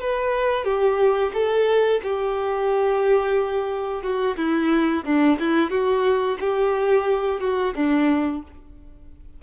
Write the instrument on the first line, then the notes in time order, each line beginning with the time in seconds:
violin
0.00 B4
0.64 G4
1.33 A4
2.03 G4
4.02 F#4
4.37 E4
5.04 D4
5.39 E4
5.70 F#4
6.40 G4
7.40 F#4
7.75 D4